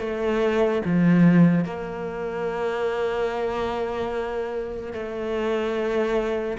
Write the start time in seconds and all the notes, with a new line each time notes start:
0.00 A3
0.85 F3
1.65 A#3
4.94 A3